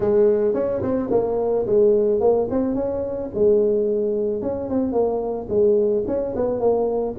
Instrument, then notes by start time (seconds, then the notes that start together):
tuba
0.00 G#3
0.54 C#4
0.82 C4
1.11 A#3
1.66 G#3
2.20 A#3
2.50 C4
2.74 C#4
3.34 G#3
4.42 C#4
4.69 C4
4.92 A#3
5.49 G#3
6.07 C#4
6.35 B3
6.60 A#3